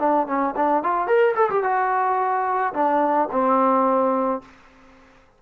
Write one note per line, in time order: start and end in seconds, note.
0.00 0.27 D4
0.27 0.55 C#4
0.57 0.84 D4
0.84 1.08 F4
1.08 1.35 A#4
1.36 1.50 A4
1.50 1.64 G4
1.64 2.74 F#4
2.74 3.29 D4
3.32 4.42 C4